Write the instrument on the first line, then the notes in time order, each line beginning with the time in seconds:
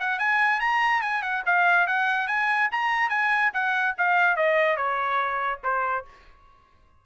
trumpet
0.00 F#5
0.19 G#5
0.60 A#5
1.02 G#5
1.22 F#5
1.46 F5
1.87 F#5
2.27 G#5
2.72 A#5
3.10 G#5
3.53 F#5
3.98 F5
4.36 D#5
4.77 C#5
5.63 C5